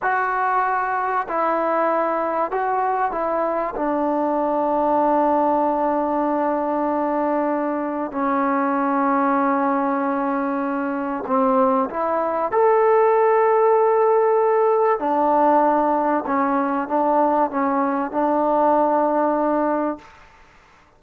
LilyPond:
\new Staff \with { instrumentName = "trombone" } { \time 4/4 \tempo 4 = 96 fis'2 e'2 | fis'4 e'4 d'2~ | d'1~ | d'4 cis'2.~ |
cis'2 c'4 e'4 | a'1 | d'2 cis'4 d'4 | cis'4 d'2. | }